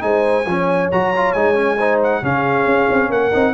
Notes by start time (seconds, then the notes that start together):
0.00 G#3 D#4 C5 G#5
0.46 F3 C#4 C#5
0.91 F#3 F#4 A#5
1.16 F4
1.33 G#3 D#4 G#5
1.55 C#4
1.78 D#4 C5
2.03 F#5
2.22 C#3 C#4 G#4 F5
2.66 C#4
2.90 C4
3.10 A#3 A#4 F#5
3.32 C4 D#4